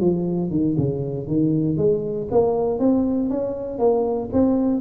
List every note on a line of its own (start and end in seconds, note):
0.00 0.50 F3
0.50 0.76 D#3
0.77 1.27 C#3
1.27 1.77 D#3
1.77 2.28 G#3
2.31 2.79 A#3
2.79 3.29 C4
3.29 3.79 C#4
3.79 4.29 A#3
4.32 4.80 C4